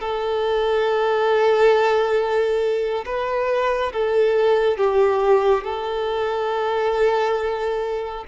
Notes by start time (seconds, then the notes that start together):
0.00 A4
3.06 B4
3.93 A4
4.77 G4
5.64 A4